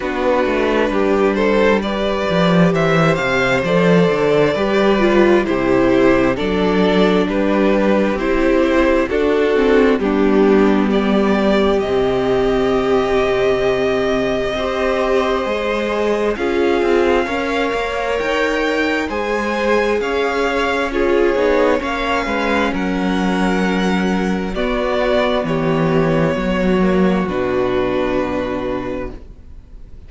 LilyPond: <<
  \new Staff \with { instrumentName = "violin" } { \time 4/4 \tempo 4 = 66 b'4. c''8 d''4 e''8 f''8 | d''2 c''4 d''4 | b'4 c''4 a'4 g'4 | d''4 dis''2.~ |
dis''2 f''2 | g''4 gis''4 f''4 cis''4 | f''4 fis''2 d''4 | cis''2 b'2 | }
  \new Staff \with { instrumentName = "violin" } { \time 4/4 fis'4 g'8 a'8 b'4 c''4~ | c''4 b'4 g'4 a'4 | g'2 fis'4 d'4 | g'1 |
c''2 gis'4 cis''4~ | cis''4 c''4 cis''4 gis'4 | cis''8 b'8 ais'2 fis'4 | g'4 fis'2. | }
  \new Staff \with { instrumentName = "viola" } { \time 4/4 d'2 g'2 | a'4 g'8 f'8 e'4 d'4~ | d'4 e'4 d'8 c'8 b4~ | b4 c'2. |
g'4 gis'4 f'4 ais'4~ | ais'4 gis'2 f'8 dis'8 | cis'2. b4~ | b4. ais8 d'2 | }
  \new Staff \with { instrumentName = "cello" } { \time 4/4 b8 a8 g4. f8 e8 c8 | f8 d8 g4 c4 fis4 | g4 c'4 d'4 g4~ | g4 c2. |
c'4 gis4 cis'8 c'8 cis'8 ais8 | dis'4 gis4 cis'4. b8 | ais8 gis8 fis2 b4 | e4 fis4 b,2 | }
>>